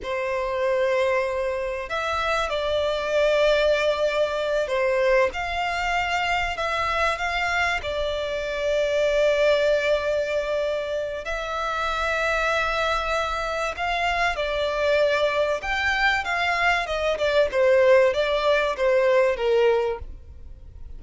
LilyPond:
\new Staff \with { instrumentName = "violin" } { \time 4/4 \tempo 4 = 96 c''2. e''4 | d''2.~ d''8 c''8~ | c''8 f''2 e''4 f''8~ | f''8 d''2.~ d''8~ |
d''2 e''2~ | e''2 f''4 d''4~ | d''4 g''4 f''4 dis''8 d''8 | c''4 d''4 c''4 ais'4 | }